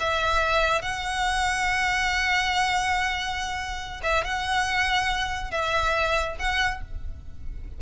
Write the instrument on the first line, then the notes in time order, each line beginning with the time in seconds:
violin
0.00 E5
0.82 F#5
4.03 E5
4.24 F#5
5.51 E5
6.39 F#5